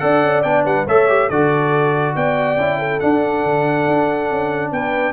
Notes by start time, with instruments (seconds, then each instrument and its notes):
0.00 tuba D4, trombone A4, horn D5, trumpet F#5
0.23 tuba C#4
0.43 tuba B3, trombone D4, trumpet G5
0.65 tuba G3, horn B4, trumpet F#5
0.86 tuba A3, trombone A4, horn C#5, trumpet E5
1.09 trombone G4
1.29 tuba D3, trombone F#4, horn A4, trumpet D5
2.16 tuba B3, horn D5, trumpet G5
2.57 tuba C#4, trombone E4
2.79 horn A4
3.00 trombone D4, tuba D4, trumpet F#5
3.45 tuba D3
3.88 tuba D4
4.31 tuba C#4
4.72 tuba B3, horn B4, trumpet G5